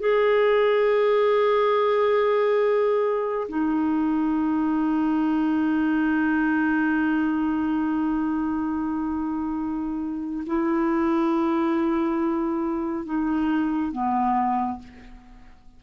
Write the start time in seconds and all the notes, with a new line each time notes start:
0.00 G#4
3.49 D#4
10.47 E4
13.06 D#4
13.92 B3